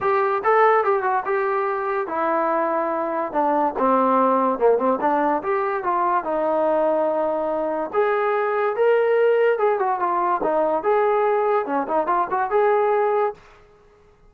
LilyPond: \new Staff \with { instrumentName = "trombone" } { \time 4/4 \tempo 4 = 144 g'4 a'4 g'8 fis'8 g'4~ | g'4 e'2. | d'4 c'2 ais8 c'8 | d'4 g'4 f'4 dis'4~ |
dis'2. gis'4~ | gis'4 ais'2 gis'8 fis'8 | f'4 dis'4 gis'2 | cis'8 dis'8 f'8 fis'8 gis'2 | }